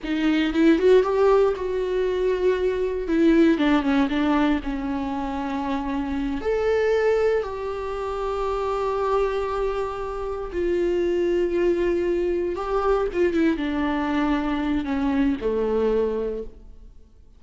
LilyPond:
\new Staff \with { instrumentName = "viola" } { \time 4/4 \tempo 4 = 117 dis'4 e'8 fis'8 g'4 fis'4~ | fis'2 e'4 d'8 cis'8 | d'4 cis'2.~ | cis'8 a'2 g'4.~ |
g'1~ | g'8 f'2.~ f'8~ | f'8 g'4 f'8 e'8 d'4.~ | d'4 cis'4 a2 | }